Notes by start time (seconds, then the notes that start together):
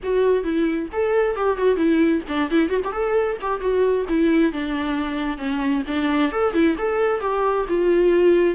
0.03 F#4
0.43 E4
0.92 A4
1.35 G4
1.57 F#4
1.76 E4
2.27 D4
2.50 E4
2.69 F#4
2.84 G4
2.92 A4
3.41 G4
3.60 F#4
4.08 E4
4.52 D4
5.37 C#4
5.87 D4
6.32 A4
6.53 E4
6.78 A4
7.20 G4
7.69 F4